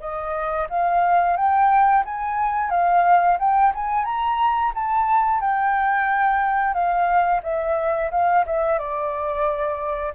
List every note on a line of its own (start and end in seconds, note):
0.00 0.67 D#5
0.70 1.36 F5
1.36 2.04 G5
2.05 2.70 G#5
2.70 3.38 F5
3.39 3.73 G5
3.74 4.05 G#5
4.05 4.72 A#5
4.75 5.41 A5
5.41 6.74 G5
6.74 7.41 F5
7.43 8.11 E5
8.11 8.45 F5
8.46 8.79 E5
8.79 10.13 D5